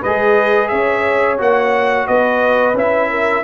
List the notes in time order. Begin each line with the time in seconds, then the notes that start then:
0.00 G#3 G#4 B4 D#5
0.68 C#4 C#5 E5
1.38 A#3 F#4 F#5
2.07 B3 B4 D#5
2.73 C#4 E4 E5
3.10 A#4